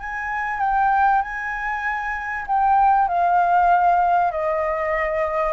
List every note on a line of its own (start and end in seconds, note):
0.00 0.60 G#5
0.60 1.22 G5
1.22 2.46 G#5
2.47 3.08 G5
3.08 4.32 F5
4.32 5.53 D#5